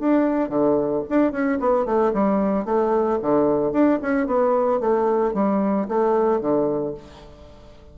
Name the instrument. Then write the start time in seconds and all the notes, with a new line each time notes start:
bassoon
0.00 D4
0.49 D3
1.10 D4
1.32 C#4
1.60 B3
1.86 A3
2.14 G3
2.66 A3
3.22 D3
3.73 D4
4.02 C#4
4.27 B3
4.81 A3
5.34 G3
5.89 A3
6.41 D3